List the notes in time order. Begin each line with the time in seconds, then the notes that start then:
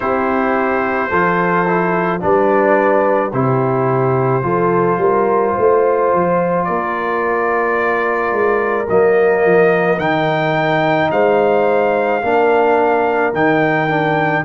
0.00 C4 E4 G4 C5
1.10 F3 F4 A4
1.66 E4
2.20 G3 D4 B4 D5
3.32 C3 E4 G4 C5
4.42 F3 F4 A4
4.97 G3 A#4
5.54 A3 C5
6.13 F3
6.64 A#3 A#4 D5
8.31 G#3
8.89 F#3 A#3 D#5
9.44 F3
9.98 D#3 D#4 G5
11.11 G#3 C5 F5
12.22 A#3 D4 A#4
13.33 D#3 D#4 G5
13.88 D4